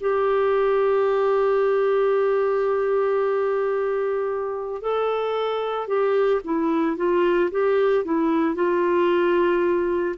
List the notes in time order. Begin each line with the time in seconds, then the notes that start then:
0.00 G4
4.82 A4
5.87 G4
6.44 E4
6.96 F4
7.51 G4
8.05 E4
8.55 F4